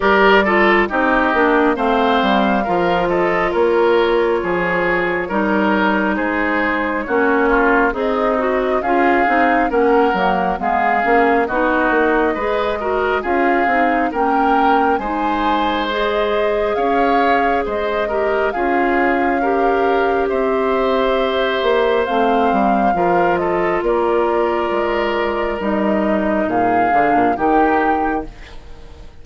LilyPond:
<<
  \new Staff \with { instrumentName = "flute" } { \time 4/4 \tempo 4 = 68 d''4 dis''4 f''4. dis''8 | cis''2. c''4 | cis''4 dis''4 f''4 fis''4 | f''4 dis''2 f''4 |
g''4 gis''4 dis''4 f''4 | dis''4 f''2 e''4~ | e''4 f''4. dis''8 d''4~ | d''4 dis''4 f''4 g''4 | }
  \new Staff \with { instrumentName = "oboe" } { \time 4/4 ais'8 a'8 g'4 c''4 ais'8 a'8 | ais'4 gis'4 ais'4 gis'4 | fis'8 f'8 dis'4 gis'4 ais'4 | gis'4 fis'4 b'8 ais'8 gis'4 |
ais'4 c''2 cis''4 | c''8 ais'8 gis'4 ais'4 c''4~ | c''2 ais'8 a'8 ais'4~ | ais'2 gis'4 g'4 | }
  \new Staff \with { instrumentName = "clarinet" } { \time 4/4 g'8 f'8 dis'8 d'8 c'4 f'4~ | f'2 dis'2 | cis'4 gis'8 fis'8 f'8 dis'8 cis'8 ais8 | b8 cis'8 dis'4 gis'8 fis'8 f'8 dis'8 |
cis'4 dis'4 gis'2~ | gis'8 g'8 f'4 g'2~ | g'4 c'4 f'2~ | f'4 dis'4. d'8 dis'4 | }
  \new Staff \with { instrumentName = "bassoon" } { \time 4/4 g4 c'8 ais8 a8 g8 f4 | ais4 f4 g4 gis4 | ais4 c'4 cis'8 c'8 ais8 fis8 | gis8 ais8 b8 ais8 gis4 cis'8 c'8 |
ais4 gis2 cis'4 | gis4 cis'2 c'4~ | c'8 ais8 a8 g8 f4 ais4 | gis4 g4 ais,8 d16 ais,16 dis4 | }
>>